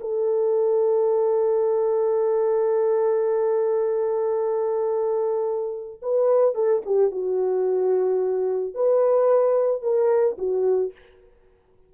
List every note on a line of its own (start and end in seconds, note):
0.00 6.00 A4
6.02 6.54 B4
6.54 6.82 A4
6.85 7.11 G4
7.11 8.74 F#4
8.74 9.82 B4
9.82 10.36 A#4
10.38 10.92 F#4